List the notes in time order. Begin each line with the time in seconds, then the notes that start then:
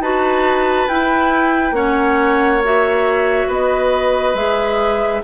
0.00 D#4 F#4 B4 A5
0.88 E4 G5
1.71 A#3 C#4 C#5 F#5
2.64 F#4 E5
3.48 B3 B4 D#5
4.34 G#3 G#4 E5